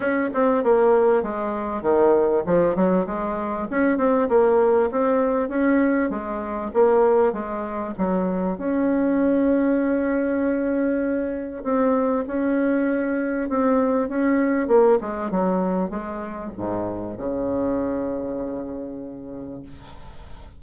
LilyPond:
\new Staff \with { instrumentName = "bassoon" } { \time 4/4 \tempo 4 = 98 cis'8 c'8 ais4 gis4 dis4 | f8 fis8 gis4 cis'8 c'8 ais4 | c'4 cis'4 gis4 ais4 | gis4 fis4 cis'2~ |
cis'2. c'4 | cis'2 c'4 cis'4 | ais8 gis8 fis4 gis4 gis,4 | cis1 | }